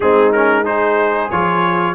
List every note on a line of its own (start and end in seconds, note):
0.00 1.30 G#3
0.00 0.33 C4
0.00 0.66 D#4
0.00 0.32 G#4
0.32 0.64 C#4
0.32 0.64 A#4
0.64 1.29 D#4
0.64 1.94 G#4
0.64 1.30 C5
1.30 1.94 F3
1.30 1.94 F4
1.30 1.94 C#5